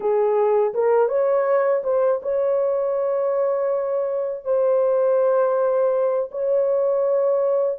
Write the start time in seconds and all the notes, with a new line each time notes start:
0.00 G#4
0.74 A#4
1.08 C#5
1.83 C5
2.22 C#5
4.44 C5
6.31 C#5